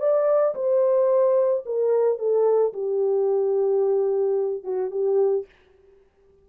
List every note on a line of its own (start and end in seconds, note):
0.00 0.55 D5
0.55 1.64 C5
1.66 2.19 A#4
2.19 2.73 A4
2.73 4.64 G4
4.64 4.91 F#4
4.91 5.46 G4